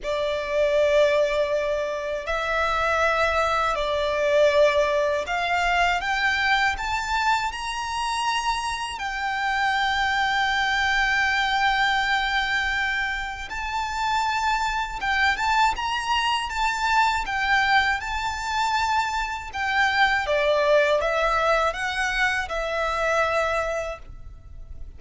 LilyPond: \new Staff \with { instrumentName = "violin" } { \time 4/4 \tempo 4 = 80 d''2. e''4~ | e''4 d''2 f''4 | g''4 a''4 ais''2 | g''1~ |
g''2 a''2 | g''8 a''8 ais''4 a''4 g''4 | a''2 g''4 d''4 | e''4 fis''4 e''2 | }